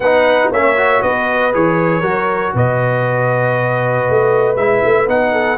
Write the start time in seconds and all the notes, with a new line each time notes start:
0.00 B3 D#4 B4 F#5
0.50 A#3 C#4 C#5 E5
0.76 F#4
1.01 B3 B4 D#5
1.52 E3 G#4 C#5
2.01 F#3 F#4 A#4
2.54 B2 B4 D#5
4.09 A3
4.55 G#3 E4 E5
4.84 A3
5.07 B3 D#4 F#5
5.32 A4